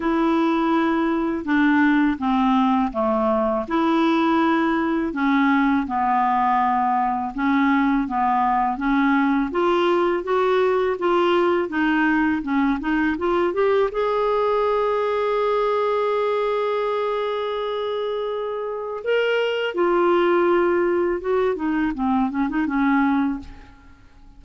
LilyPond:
\new Staff \with { instrumentName = "clarinet" } { \time 4/4 \tempo 4 = 82 e'2 d'4 c'4 | a4 e'2 cis'4 | b2 cis'4 b4 | cis'4 f'4 fis'4 f'4 |
dis'4 cis'8 dis'8 f'8 g'8 gis'4~ | gis'1~ | gis'2 ais'4 f'4~ | f'4 fis'8 dis'8 c'8 cis'16 dis'16 cis'4 | }